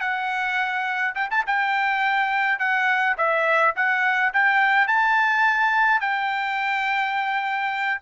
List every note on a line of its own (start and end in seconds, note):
0.00 1.14 F#5
1.15 1.29 G5
1.30 1.45 A5
1.46 2.59 G5
2.59 3.16 F#5
3.17 3.75 E5
3.76 4.33 F#5
4.33 4.87 G5
4.87 6.00 A5
6.00 8.00 G5